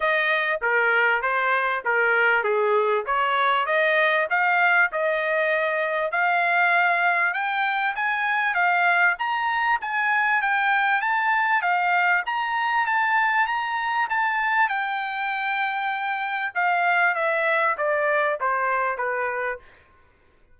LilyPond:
\new Staff \with { instrumentName = "trumpet" } { \time 4/4 \tempo 4 = 98 dis''4 ais'4 c''4 ais'4 | gis'4 cis''4 dis''4 f''4 | dis''2 f''2 | g''4 gis''4 f''4 ais''4 |
gis''4 g''4 a''4 f''4 | ais''4 a''4 ais''4 a''4 | g''2. f''4 | e''4 d''4 c''4 b'4 | }